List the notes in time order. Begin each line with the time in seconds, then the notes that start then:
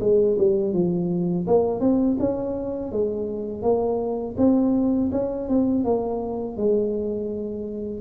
0.00 G#3
0.38 G3
0.73 F3
1.47 A#3
1.80 C4
2.19 C#4
2.91 G#3
3.62 A#3
4.37 C4
5.12 C#4
5.48 C4
5.84 A#3
6.57 G#3